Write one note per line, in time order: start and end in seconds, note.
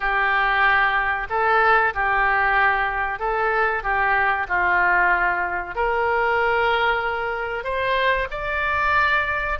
0.00 1.27 G4
1.29 1.93 A4
1.94 3.19 G4
3.19 3.83 A4
3.83 4.47 G4
4.48 5.75 F4
5.75 7.63 A#4
7.63 8.27 C5
8.31 9.58 D5